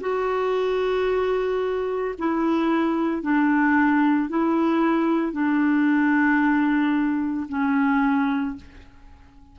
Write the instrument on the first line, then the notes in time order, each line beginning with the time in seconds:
clarinet
0.00 F#4
2.18 E4
3.22 D4
4.29 E4
5.32 D4
7.49 C#4